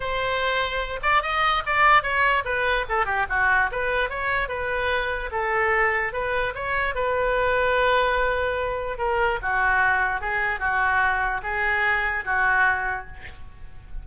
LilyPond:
\new Staff \with { instrumentName = "oboe" } { \time 4/4 \tempo 4 = 147 c''2~ c''8 d''8 dis''4 | d''4 cis''4 b'4 a'8 g'8 | fis'4 b'4 cis''4 b'4~ | b'4 a'2 b'4 |
cis''4 b'2.~ | b'2 ais'4 fis'4~ | fis'4 gis'4 fis'2 | gis'2 fis'2 | }